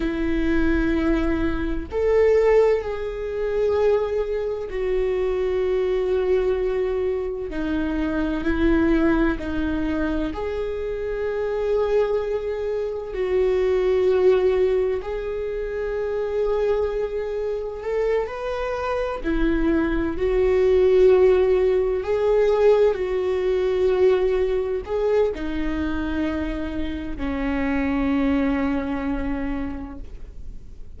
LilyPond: \new Staff \with { instrumentName = "viola" } { \time 4/4 \tempo 4 = 64 e'2 a'4 gis'4~ | gis'4 fis'2. | dis'4 e'4 dis'4 gis'4~ | gis'2 fis'2 |
gis'2. a'8 b'8~ | b'8 e'4 fis'2 gis'8~ | gis'8 fis'2 gis'8 dis'4~ | dis'4 cis'2. | }